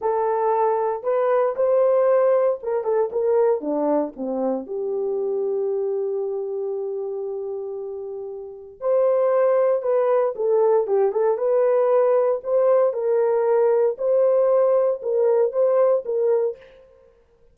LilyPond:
\new Staff \with { instrumentName = "horn" } { \time 4/4 \tempo 4 = 116 a'2 b'4 c''4~ | c''4 ais'8 a'8 ais'4 d'4 | c'4 g'2.~ | g'1~ |
g'4 c''2 b'4 | a'4 g'8 a'8 b'2 | c''4 ais'2 c''4~ | c''4 ais'4 c''4 ais'4 | }